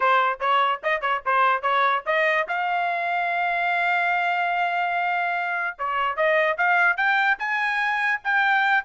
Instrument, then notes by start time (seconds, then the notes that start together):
trumpet
0.00 C5
0.40 C#5
0.83 D#5
1.01 C#5
1.25 C5
1.62 C#5
2.06 D#5
2.48 F5
5.78 C#5
6.16 D#5
6.57 F5
6.96 G5
7.38 G#5
8.24 G5